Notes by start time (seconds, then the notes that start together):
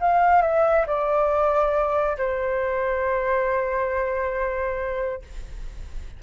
0.00 F5
0.42 E5
0.87 D5
2.17 C5